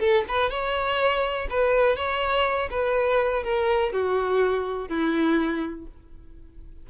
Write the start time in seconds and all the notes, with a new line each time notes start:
0.00 A4
0.28 B4
0.50 C#5
1.50 B4
1.96 C#5
2.70 B4
3.43 A#4
3.92 F#4
4.88 E4